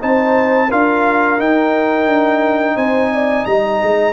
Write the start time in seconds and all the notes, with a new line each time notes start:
0.00 C4 D#4 C5 A5
0.68 D4 F4 A#4 F5
1.38 D#4 G5
2.06 D4
2.76 C4 C5 G#5
3.14 D5
3.45 G3 D#5 A#5
3.82 G#3